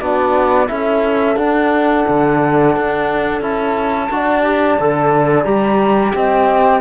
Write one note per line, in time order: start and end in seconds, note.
0.00 0.69 B3
0.00 0.67 D4
0.00 0.68 F#4
0.00 0.68 D5
0.67 1.37 C#4
0.67 1.35 E4
0.67 4.10 A4
0.67 1.37 E5
1.37 2.05 D4
1.37 3.41 D4
1.37 3.41 F#5
2.08 2.76 D3
2.76 3.41 D4
3.41 4.09 C#4
3.41 4.10 E4
3.41 5.44 A5
4.11 4.79 D4
4.11 4.44 F#4
4.11 6.16 D5
4.44 4.78 G4
4.79 5.45 D3
4.79 5.45 A4
5.44 6.13 G3
5.44 6.81 G4
5.44 6.12 A#5
6.13 6.81 C4
6.13 6.81 D#5
6.13 6.81 G5